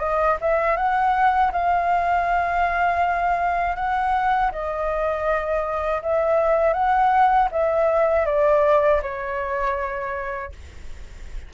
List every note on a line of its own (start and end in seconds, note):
0.00 0.38 D#5
0.41 0.77 E5
0.77 1.52 F#5
1.52 3.76 F5
3.76 4.51 F#5
4.52 6.02 D#5
6.02 6.74 E5
6.74 7.49 F#5
7.52 8.26 E5
8.26 9.01 D5
9.02 10.52 C#5